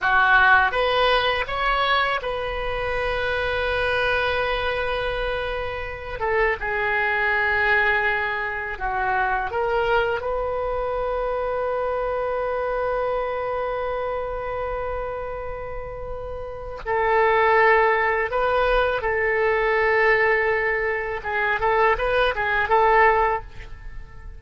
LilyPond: \new Staff \with { instrumentName = "oboe" } { \time 4/4 \tempo 4 = 82 fis'4 b'4 cis''4 b'4~ | b'1~ | b'8 a'8 gis'2. | fis'4 ais'4 b'2~ |
b'1~ | b'2. a'4~ | a'4 b'4 a'2~ | a'4 gis'8 a'8 b'8 gis'8 a'4 | }